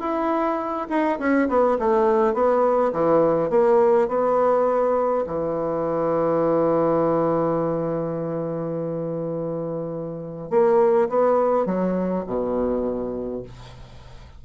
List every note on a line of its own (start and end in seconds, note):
0.00 0.87 E4
0.89 1.19 D#4
1.19 1.49 C#4
1.49 1.78 B3
1.79 2.34 A3
2.34 2.92 B3
2.93 3.50 E3
3.50 4.08 A#3
4.09 5.25 B3
5.27 10.50 E3
10.50 11.09 A#3
11.09 11.66 B3
11.66 12.24 F#3
12.27 13.43 B2